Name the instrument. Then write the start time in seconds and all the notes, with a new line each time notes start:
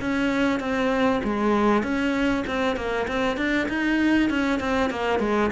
cello
0.00 C#4
0.59 C4
1.24 G#3
1.82 C#4
2.47 C4
2.76 A#3
3.08 C4
3.37 D4
3.68 D#4
4.29 C#4
4.59 C4
4.90 A#3
5.19 G#3